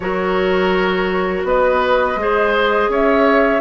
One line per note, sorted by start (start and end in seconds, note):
0.00 1.43 F#3
0.00 2.18 F#4
0.00 1.46 A#4
0.00 1.44 C#5
1.43 2.15 B3
1.43 2.19 B4
1.43 2.91 D#5
2.15 2.87 G#3
2.15 3.61 G#4
2.21 2.90 C5
2.88 3.60 C#4
2.88 3.61 C#5
2.88 3.61 E5